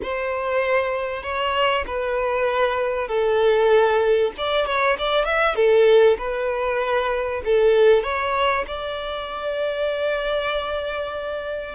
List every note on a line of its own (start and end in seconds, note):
0.02 1.23 C5
1.23 1.84 C#5
1.87 3.08 B4
3.08 4.31 A4
4.37 4.66 D5
4.66 4.97 C#5
4.98 5.24 D5
5.24 5.55 E5
5.55 6.17 A4
6.18 7.41 B4
7.45 8.03 A4
8.03 8.65 C#5
8.67 11.75 D5